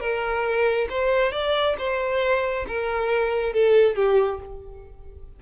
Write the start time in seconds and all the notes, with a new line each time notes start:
0.00 A#4
0.89 C5
1.32 D5
1.78 C5
2.68 A#4
3.53 A4
3.96 G4